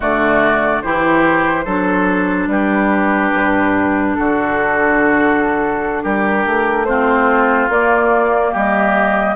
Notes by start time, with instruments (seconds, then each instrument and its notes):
0.00 bassoon D3, clarinet A3, oboe F#4, flute D5
0.81 bassoon E3, clarinet E4, oboe G4, flute C5
1.65 bassoon F#3, clarinet D4, oboe A4
2.47 bassoon G3, oboe G4, flute B4
3.34 bassoon G2
4.14 bassoon D3, oboe F#4, flute A4
6.03 bassoon G3, oboe G4, flute A#4
6.45 bassoon A3
6.85 clarinet C4, oboe F4, flute C5
7.68 bassoon A#3, clarinet A#3, flute D5
8.51 bassoon G3, oboe G4, flute D#5